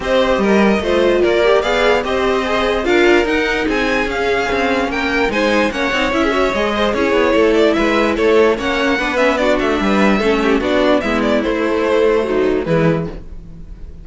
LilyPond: <<
  \new Staff \with { instrumentName = "violin" } { \time 4/4 \tempo 4 = 147 dis''2. d''4 | f''4 dis''2 f''4 | fis''4 gis''4 f''2 | g''4 gis''4 fis''4 e''4 |
dis''4 cis''4. d''8 e''4 | cis''4 fis''4. e''8 d''8 e''8~ | e''2 d''4 e''8 d''8 | c''2. b'4 | }
  \new Staff \with { instrumentName = "violin" } { \time 4/4 c''4 ais'4 c''4 ais'4 | d''4 c''2 ais'4~ | ais'4 gis'2. | ais'4 c''4 cis''4~ cis''16 gis'16 cis''8~ |
cis''8 c''8 gis'4 a'4 b'4 | a'4 cis''4 b'4 fis'4 | b'4 a'8 g'8 fis'4 e'4~ | e'2 dis'4 e'4 | }
  \new Staff \with { instrumentName = "viola" } { \time 4/4 g'2 f'4. g'8 | gis'4 g'4 gis'4 f'4 | dis'2 cis'2~ | cis'4 dis'4 cis'8 dis'8 e'8 fis'8 |
gis'4 e'2.~ | e'4 cis'4 d'8 cis'8 d'4~ | d'4 cis'4 d'4 b4 | a2 fis4 gis4 | }
  \new Staff \with { instrumentName = "cello" } { \time 4/4 c'4 g4 a4 ais4 | b4 c'2 d'4 | dis'4 c'4 cis'4 c'4 | ais4 gis4 ais8 c'8 cis'4 |
gis4 cis'8 b8 a4 gis4 | a4 ais4 b4. a8 | g4 a4 b4 gis4 | a2. e4 | }
>>